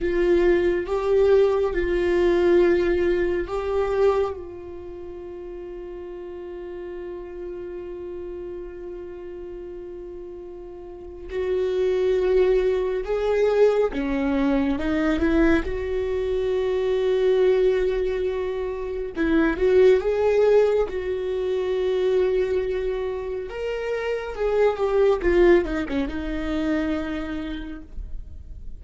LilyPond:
\new Staff \with { instrumentName = "viola" } { \time 4/4 \tempo 4 = 69 f'4 g'4 f'2 | g'4 f'2.~ | f'1~ | f'4 fis'2 gis'4 |
cis'4 dis'8 e'8 fis'2~ | fis'2 e'8 fis'8 gis'4 | fis'2. ais'4 | gis'8 g'8 f'8 dis'16 cis'16 dis'2 | }